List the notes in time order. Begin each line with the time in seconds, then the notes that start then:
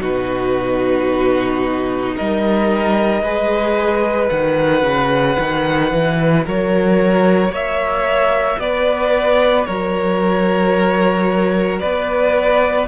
0.00 B2 D#4 F#4 B4
2.15 G3 A#4 D#5
3.23 G#3 G#4 B4
4.29 D#3 F#4 F#5
4.82 C#3
5.39 D#3
5.92 E3
6.45 F#3 A#4 C#5
7.49 A#3 C#5 E5
8.58 B3 B4 D5
9.65 F#3 A#4 C#5
11.80 B3 B4 D5